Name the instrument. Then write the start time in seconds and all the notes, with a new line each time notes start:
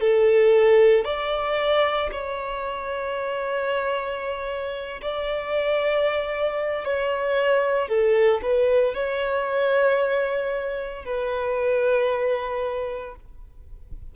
violin
0.00 A4
1.04 D5
2.11 C#5
5.01 D5
6.85 C#5
7.88 A4
8.42 B4
8.94 C#5
11.05 B4